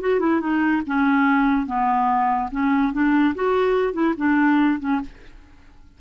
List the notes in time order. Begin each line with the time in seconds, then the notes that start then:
0.00 F#4
0.20 E4
0.40 D#4
0.86 C#4
1.66 B3
2.51 C#4
2.93 D4
3.35 F#4
3.93 E4
4.17 D4
4.79 C#4